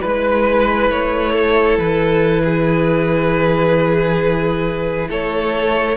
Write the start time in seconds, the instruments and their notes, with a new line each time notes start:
0.00 cello G#3, viola E4, violin B4
0.90 cello A3, violin C#5
1.32 violin A4
1.78 cello E3, violin B4
2.44 violin G#4
5.09 cello A3, violin A4 C#5